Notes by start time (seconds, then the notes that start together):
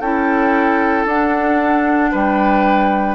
0.00 C#4 E4 A4 G5
1.05 D4 F#5
2.11 G3 B4 G5